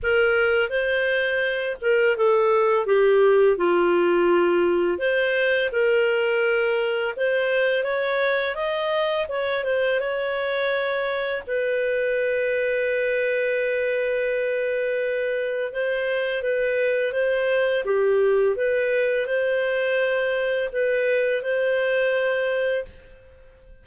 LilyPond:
\new Staff \with { instrumentName = "clarinet" } { \time 4/4 \tempo 4 = 84 ais'4 c''4. ais'8 a'4 | g'4 f'2 c''4 | ais'2 c''4 cis''4 | dis''4 cis''8 c''8 cis''2 |
b'1~ | b'2 c''4 b'4 | c''4 g'4 b'4 c''4~ | c''4 b'4 c''2 | }